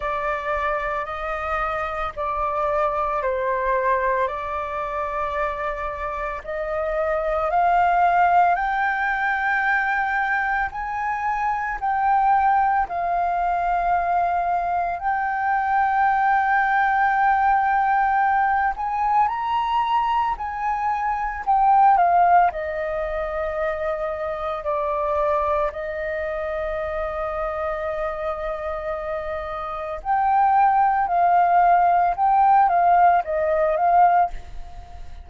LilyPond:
\new Staff \with { instrumentName = "flute" } { \time 4/4 \tempo 4 = 56 d''4 dis''4 d''4 c''4 | d''2 dis''4 f''4 | g''2 gis''4 g''4 | f''2 g''2~ |
g''4. gis''8 ais''4 gis''4 | g''8 f''8 dis''2 d''4 | dis''1 | g''4 f''4 g''8 f''8 dis''8 f''8 | }